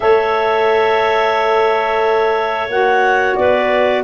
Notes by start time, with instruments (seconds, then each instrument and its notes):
0.00 tuba A3, saxophone A4, clarinet C#5 E5
2.68 tuba A#3, saxophone F#4, clarinet F#5
3.35 tuba B3, clarinet B4 D5